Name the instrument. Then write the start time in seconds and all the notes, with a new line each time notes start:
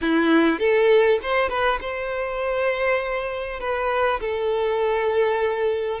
violin
0.01 E4
0.59 A4
1.22 C5
1.49 B4
1.80 C5
3.60 B4
4.20 A4